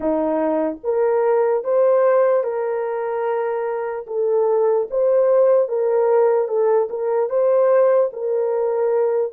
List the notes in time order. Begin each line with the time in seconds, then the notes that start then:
0.00 D#4
0.83 A#4
1.64 C5
2.43 A#4
4.07 A4
4.90 C5
5.68 A#4
6.48 A4
6.89 A#4
7.29 C5
8.13 A#4